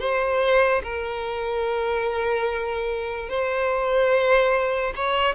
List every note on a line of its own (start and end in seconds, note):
0.00 0.82 C5
0.83 3.30 A#4
3.30 4.94 C5
4.96 5.35 C#5